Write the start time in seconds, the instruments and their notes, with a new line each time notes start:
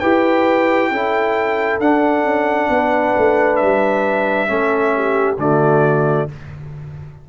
0.00 tuba E4, trombone G4, horn B4, trumpet G5
0.91 tuba C#4, trombone E4, horn A4
1.80 tuba D4, trombone D4, trumpet F#5
2.24 tuba C#4
2.70 tuba B3, horn B4
3.18 tuba A3
3.56 tuba G3, trumpet E5
4.48 tuba A3, trombone C#4, horn A4
4.96 horn G4
5.38 tuba D3, trombone A3, horn F#4, trumpet D5